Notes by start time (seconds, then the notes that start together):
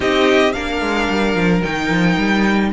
0.00 C4 D#4 G4 D#5
0.52 A#3 D4 A#4 F5
0.81 G#3
1.09 G3
1.35 F3
1.62 D#3 D#4 G5
1.89 F3
2.17 G3